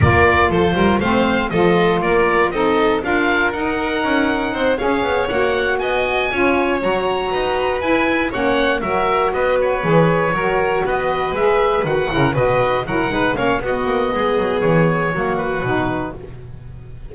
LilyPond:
<<
  \new Staff \with { instrumentName = "oboe" } { \time 4/4 \tempo 4 = 119 d''4 c''4 f''4 dis''4 | d''4 dis''4 f''4 fis''4~ | fis''4. f''4 fis''4 gis''8~ | gis''4. ais''2 gis''8~ |
gis''8 fis''4 e''4 dis''8 cis''4~ | cis''4. dis''4 e''4 fis''8~ | fis''8 dis''4 fis''4 f''8 dis''4~ | dis''4 cis''4. b'4. | }
  \new Staff \with { instrumentName = "violin" } { \time 4/4 ais'4 a'8 ais'8 c''4 a'4 | ais'4 a'4 ais'2~ | ais'4 c''8 cis''2 dis''8~ | dis''8 cis''2 b'4.~ |
b'8 cis''4 ais'4 b'4.~ | b'8 ais'4 b'2~ b'8 | ais'8 b'4 ais'8 b'8 cis''8 fis'4 | gis'2 fis'2 | }
  \new Staff \with { instrumentName = "saxophone" } { \time 4/4 f'2 c'4 f'4~ | f'4 dis'4 f'4 dis'4~ | dis'4. gis'4 fis'4.~ | fis'8 f'4 fis'2 e'8~ |
e'8 cis'4 fis'2 gis'8~ | gis'8 fis'2 gis'4 fis'8 | e'8 fis'4 e'8 dis'8 cis'8 b4~ | b2 ais4 dis'4 | }
  \new Staff \with { instrumentName = "double bass" } { \time 4/4 ais4 f8 g8 a4 f4 | ais4 c'4 d'4 dis'4 | cis'4 c'8 cis'8 b8 ais4 b8~ | b8 cis'4 fis4 dis'4 e'8~ |
e'8 ais4 fis4 b4 e8~ | e8 fis4 b4 gis4 dis8 | cis8 b,4 fis8 gis8 ais8 b8 ais8 | gis8 fis8 e4 fis4 b,4 | }
>>